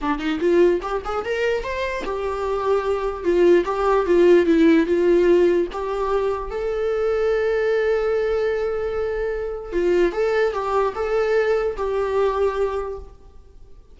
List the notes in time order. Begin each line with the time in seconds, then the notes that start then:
0.01 D4
0.18 D#4
0.40 F4
0.82 G4
1.04 G#4
1.25 A#4
1.63 C5
2.04 G4
3.23 F4
3.65 G4
4.05 F4
4.46 E4
4.86 F4
5.72 G4
6.50 A4
9.72 F4
10.12 A4
10.53 G4
10.95 A4
11.76 G4